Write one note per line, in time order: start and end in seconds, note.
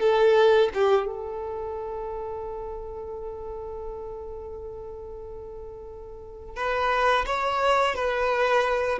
0.00 0.69 A4
0.74 1.06 G4
1.06 6.56 A4
6.56 7.25 B4
7.26 7.95 C#5
7.95 8.98 B4